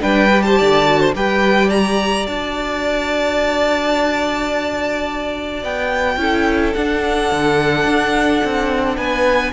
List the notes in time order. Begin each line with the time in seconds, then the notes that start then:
0.00 G3 D4 B4 G5
0.29 G4
0.42 C5 A5
0.58 D3 D5
0.85 F#4
1.00 C5
1.14 G3 G4 B4 G5
1.68 D5 A#5
2.26 D4 F#4 A5
5.62 B3 G5
6.16 C#4 E4 A4
6.73 D4 F#5
7.32 D3
7.85 D4
8.44 C4
8.96 B3 B4 G#5